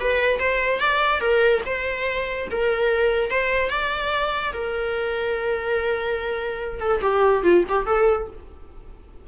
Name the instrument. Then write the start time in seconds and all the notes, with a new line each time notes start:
viola
0.00 B4
0.39 C5
0.80 D5
1.20 A#4
1.65 C5
2.51 A#4
3.30 C5
3.70 D5
4.53 A#4
6.80 A4
7.02 G4
7.43 F4
7.69 G4
7.86 A4